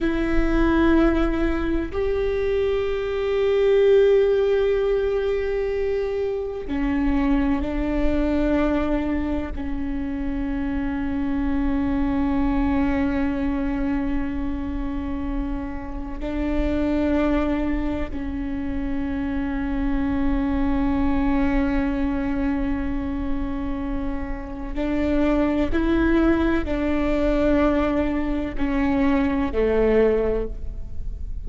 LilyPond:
\new Staff \with { instrumentName = "viola" } { \time 4/4 \tempo 4 = 63 e'2 g'2~ | g'2. cis'4 | d'2 cis'2~ | cis'1~ |
cis'4 d'2 cis'4~ | cis'1~ | cis'2 d'4 e'4 | d'2 cis'4 a4 | }